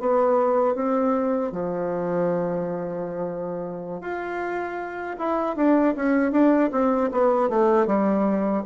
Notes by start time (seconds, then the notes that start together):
0.00 B3
0.75 C4
1.52 F3
4.01 F4
5.19 E4
5.56 D4
5.96 C#4
6.32 D4
6.72 C4
7.12 B3
7.49 A3
7.87 G3